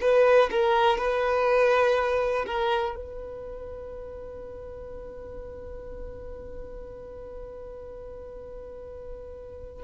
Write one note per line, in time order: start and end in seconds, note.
0.00 0.49 B4
0.51 0.97 A#4
0.97 2.45 B4
2.46 2.95 A#4
2.95 9.83 B4